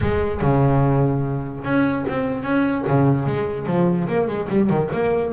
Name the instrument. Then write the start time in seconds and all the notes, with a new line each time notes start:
double bass
0.01 G#3
0.41 C#3
1.64 C#4
2.08 C4
2.43 C#4
2.87 C#3
3.26 G#3
3.66 F3
4.07 A#3
4.27 G#3
4.49 G3
4.69 D#3
4.93 A#3